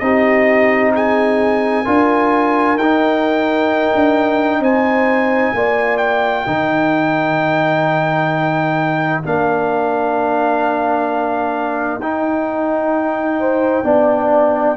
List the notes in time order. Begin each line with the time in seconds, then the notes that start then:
0.00 C4 D#4 G4 D#5
0.94 G#4 G#5
1.85 D4 F4 A#4
2.75 D#4 G5
2.82 D#4
3.95 D4
4.60 C4 C5 G#5
5.53 A#3 F4 D5
5.98 G5
6.45 D#3 D#4 A#4
9.24 A#3 D4 F5
11.99 D#4 G5
13.40 C5
13.84 B3 D4 D5